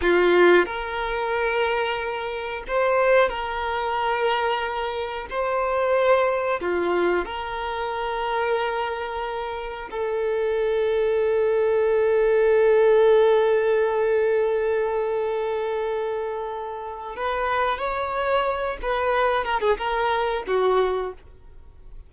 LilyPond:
\new Staff \with { instrumentName = "violin" } { \time 4/4 \tempo 4 = 91 f'4 ais'2. | c''4 ais'2. | c''2 f'4 ais'4~ | ais'2. a'4~ |
a'1~ | a'1~ | a'2 b'4 cis''4~ | cis''8 b'4 ais'16 gis'16 ais'4 fis'4 | }